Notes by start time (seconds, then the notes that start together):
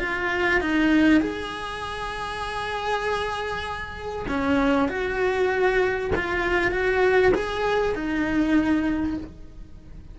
0.00 F4
0.62 D#4
1.21 G#4
4.28 C#4
4.89 F#4
6.16 F4
6.72 F#4
7.35 G#4
7.95 D#4